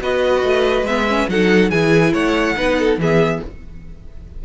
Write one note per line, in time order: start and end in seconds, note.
0.00 0.43 B3
0.00 0.85 F#4
0.00 1.30 B4
0.00 0.86 D#5
0.43 0.82 A3
0.82 1.25 G#3
0.82 1.07 B3
0.82 1.29 E5
1.07 1.29 C#4
1.28 1.70 F#3
1.28 1.72 D#4
1.28 1.71 A4
1.28 1.70 F#5
1.70 2.13 E3
1.70 2.56 E4
1.70 2.13 G#4
1.70 2.13 G#5
2.13 2.56 A3
2.13 2.55 C#5
2.13 2.99 F#5
2.56 2.97 B3
2.56 2.98 D#4
2.56 2.78 B4
2.79 3.00 A4
2.97 3.39 E3
2.97 3.45 B3
2.97 3.43 G#4
2.97 3.44 E5